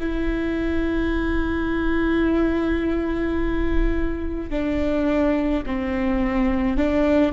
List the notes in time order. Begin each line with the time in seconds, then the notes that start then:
0.00 E4
4.50 D4
5.66 C4
6.78 D4